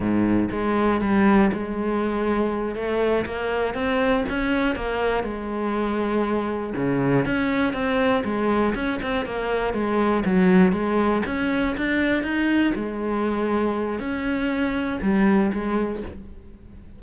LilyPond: \new Staff \with { instrumentName = "cello" } { \time 4/4 \tempo 4 = 120 gis,4 gis4 g4 gis4~ | gis4. a4 ais4 c'8~ | c'8 cis'4 ais4 gis4.~ | gis4. cis4 cis'4 c'8~ |
c'8 gis4 cis'8 c'8 ais4 gis8~ | gis8 fis4 gis4 cis'4 d'8~ | d'8 dis'4 gis2~ gis8 | cis'2 g4 gis4 | }